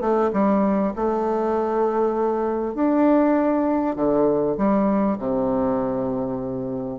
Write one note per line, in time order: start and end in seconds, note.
0.00 0.30 A3
0.33 0.93 G3
0.96 2.74 A3
2.74 3.96 D4
3.96 4.56 D3
4.57 5.18 G3
5.18 6.99 C3